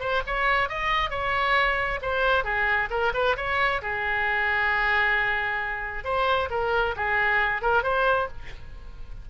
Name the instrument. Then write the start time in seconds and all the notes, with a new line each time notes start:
oboe
0.00 C5
0.27 C#5
0.69 D#5
1.11 C#5
2.02 C5
2.44 G#4
2.90 A#4
3.14 B4
3.37 C#5
3.82 G#4
6.04 C5
6.50 A#4
6.96 G#4
7.62 A#4
7.83 C5